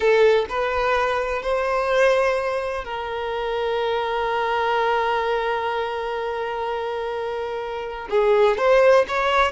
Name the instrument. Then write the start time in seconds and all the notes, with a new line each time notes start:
violin
0.00 A4
0.49 B4
1.42 C5
2.84 A#4
8.10 G#4
8.57 C5
9.08 C#5